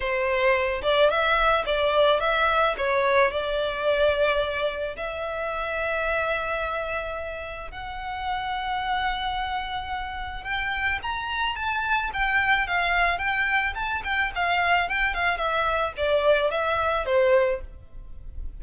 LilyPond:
\new Staff \with { instrumentName = "violin" } { \time 4/4 \tempo 4 = 109 c''4. d''8 e''4 d''4 | e''4 cis''4 d''2~ | d''4 e''2.~ | e''2 fis''2~ |
fis''2. g''4 | ais''4 a''4 g''4 f''4 | g''4 a''8 g''8 f''4 g''8 f''8 | e''4 d''4 e''4 c''4 | }